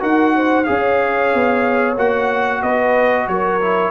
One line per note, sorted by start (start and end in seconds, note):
0.00 0.68 D#4
0.00 0.65 F#4
0.00 0.35 A#4
0.00 0.65 F#5
0.36 0.69 C5
0.65 1.34 C#4
0.65 1.97 G#4
0.65 2.63 C#5
0.65 1.95 F5
1.34 1.97 B3
1.97 2.62 A#3
1.97 3.61 F#4
1.97 2.62 F#5
2.62 3.28 B3
2.62 3.28 B4
2.62 3.28 D#5
3.28 3.91 F#3
3.28 3.91 A#4
3.28 3.91 C#5
3.61 3.91 E4